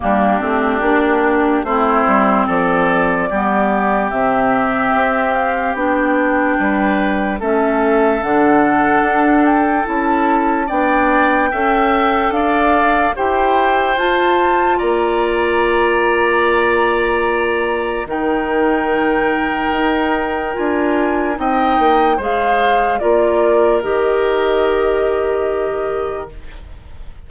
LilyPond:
<<
  \new Staff \with { instrumentName = "flute" } { \time 4/4 \tempo 4 = 73 g'2 c''4 d''4~ | d''4 e''4. f''8 g''4~ | g''4 e''4 fis''4. g''8 | a''4 g''2 f''4 |
g''4 a''4 ais''2~ | ais''2 g''2~ | g''4 gis''4 g''4 f''4 | d''4 dis''2. | }
  \new Staff \with { instrumentName = "oboe" } { \time 4/4 d'2 e'4 a'4 | g'1 | b'4 a'2.~ | a'4 d''4 e''4 d''4 |
c''2 d''2~ | d''2 ais'2~ | ais'2 dis''4 c''4 | ais'1 | }
  \new Staff \with { instrumentName = "clarinet" } { \time 4/4 ais8 c'8 d'4 c'2 | b4 c'2 d'4~ | d'4 cis'4 d'2 | e'4 d'4 a'2 |
g'4 f'2.~ | f'2 dis'2~ | dis'4 f'4 dis'4 gis'4 | f'4 g'2. | }
  \new Staff \with { instrumentName = "bassoon" } { \time 4/4 g8 a8 ais4 a8 g8 f4 | g4 c4 c'4 b4 | g4 a4 d4 d'4 | cis'4 b4 cis'4 d'4 |
e'4 f'4 ais2~ | ais2 dis2 | dis'4 d'4 c'8 ais8 gis4 | ais4 dis2. | }
>>